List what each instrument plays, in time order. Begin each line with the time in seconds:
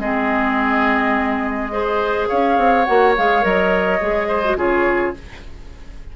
0.00 bassoon G#3, clarinet C4, oboe G#4, flute D#5
1.71 clarinet G#4, oboe C5
2.29 bassoon C#4, oboe C#5, flute F5
2.58 bassoon C4
2.85 bassoon A#3, clarinet F#4, flute F#5
3.17 bassoon G#3, clarinet G#4, flute F5
3.42 bassoon F#3, clarinet A#4, flute D#5
4.01 bassoon G#3, clarinet G#4
4.29 oboe C5
4.44 clarinet F#4
4.56 bassoon C#3, clarinet F4, oboe G#4, flute C#5